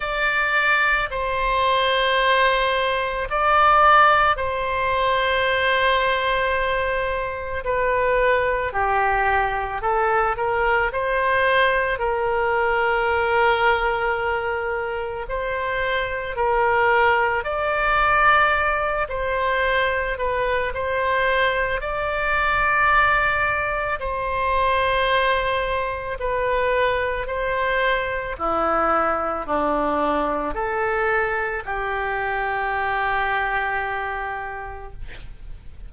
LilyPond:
\new Staff \with { instrumentName = "oboe" } { \time 4/4 \tempo 4 = 55 d''4 c''2 d''4 | c''2. b'4 | g'4 a'8 ais'8 c''4 ais'4~ | ais'2 c''4 ais'4 |
d''4. c''4 b'8 c''4 | d''2 c''2 | b'4 c''4 e'4 d'4 | a'4 g'2. | }